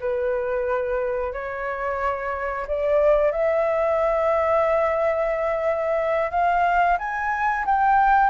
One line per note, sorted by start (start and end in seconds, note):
0.00 1.33 B4
1.33 2.66 C#5
2.67 3.32 D5
3.32 6.31 E5
6.31 6.98 F5
6.98 7.65 G#5
7.66 8.30 G5